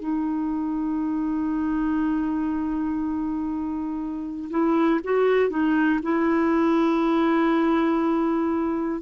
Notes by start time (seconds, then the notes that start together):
0.00 D#4
4.51 E4
5.05 F#4
5.50 D#4
6.03 E4